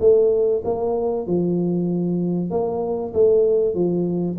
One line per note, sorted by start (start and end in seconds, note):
0.00 0.62 A3
0.64 1.27 A#3
1.27 2.51 F3
2.51 3.13 A#3
3.14 3.74 A3
3.74 4.37 F3